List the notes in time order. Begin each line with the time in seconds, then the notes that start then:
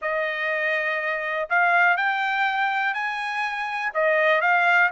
0.01 D#5
1.49 F5
1.96 G5
2.94 G#5
3.94 D#5
4.41 F5